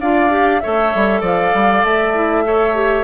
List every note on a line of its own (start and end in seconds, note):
0.00 0.62 D4
0.00 0.30 F4
0.00 0.61 D5
0.00 0.60 F5
0.30 0.60 G4
0.60 0.94 A3
0.60 2.14 A4
0.60 1.20 C#5
0.60 1.21 E5
0.94 1.21 G3
1.20 1.52 F3
1.20 2.43 D5
1.20 1.84 F5
1.54 1.83 G3
1.83 3.03 A3
1.83 3.03 E5
2.14 2.44 E4
2.44 2.74 A4
2.44 3.03 C#5
2.74 3.03 G4